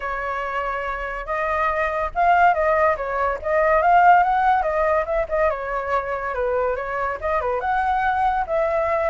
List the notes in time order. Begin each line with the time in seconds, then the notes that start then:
0.00 C#5
1.25 D#5
2.14 F5
2.54 D#5
2.96 C#5
3.41 D#5
3.82 F5
4.23 F#5
4.62 D#5
5.05 E5
5.29 D#5
5.50 C#5
6.34 B4
6.75 C#5
7.20 D#5
7.41 B4
7.60 F#5
8.46 E5